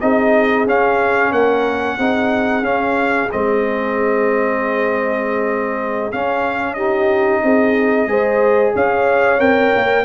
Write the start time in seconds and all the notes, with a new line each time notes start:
0.00 C4 D#4 G#4 D#5
0.66 C#4 F5
1.31 A#3 A#4 F#5
1.98 C4 D#4 G#4
2.62 C#4 F5
3.31 G#3 C4 D#5
6.11 C#4 F5
6.74 D#4 G4 D#5
7.43 C4 G#4
8.06 G#3 G#4 C5
8.74 C#4 C#5 F5
9.38 C4 A#4 G5
9.75 A#3